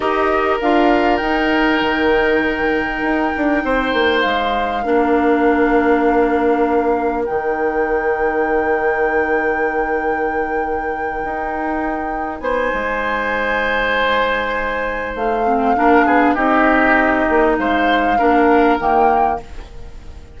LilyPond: <<
  \new Staff \with { instrumentName = "flute" } { \time 4/4 \tempo 4 = 99 dis''4 f''4 g''2~ | g''2. f''4~ | f''1 | g''1~ |
g''1~ | g''8 gis''2.~ gis''8~ | gis''4 f''2 dis''4~ | dis''4 f''2 g''4 | }
  \new Staff \with { instrumentName = "oboe" } { \time 4/4 ais'1~ | ais'2 c''2 | ais'1~ | ais'1~ |
ais'1~ | ais'8 c''2.~ c''8~ | c''2 ais'8 gis'8 g'4~ | g'4 c''4 ais'2 | }
  \new Staff \with { instrumentName = "clarinet" } { \time 4/4 g'4 f'4 dis'2~ | dis'1 | d'1 | dis'1~ |
dis'1~ | dis'1~ | dis'4. c'8 d'4 dis'4~ | dis'2 d'4 ais4 | }
  \new Staff \with { instrumentName = "bassoon" } { \time 4/4 dis'4 d'4 dis'4 dis4~ | dis4 dis'8 d'8 c'8 ais8 gis4 | ais1 | dis1~ |
dis2~ dis8 dis'4.~ | dis'8 b8 gis2.~ | gis4 a4 ais8 b8 c'4~ | c'8 ais8 gis4 ais4 dis4 | }
>>